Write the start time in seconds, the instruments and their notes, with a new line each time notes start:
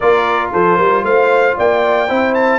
0.00 tuba A#3, trombone F4, horn A#4, trumpet D5
0.52 tuba F3, horn A4, trumpet C5
0.76 tuba G3, horn A#4
1.03 tuba A3, horn C5, trumpet F5
1.56 tuba A#3, horn D5, trumpet G5
2.08 tuba C4, trombone E4, horn C5
2.34 trumpet A5